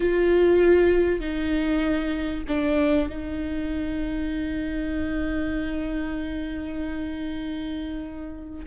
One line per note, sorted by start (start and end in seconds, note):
0.00 1.20 F4
1.20 2.44 D#4
2.48 3.09 D4
3.09 8.66 D#4